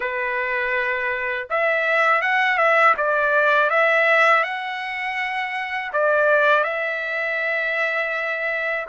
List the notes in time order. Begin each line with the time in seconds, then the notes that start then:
0.00 B4
1.49 E5
2.21 F#5
2.57 E5
2.97 D5
3.69 E5
4.43 F#5
5.92 D5
6.63 E5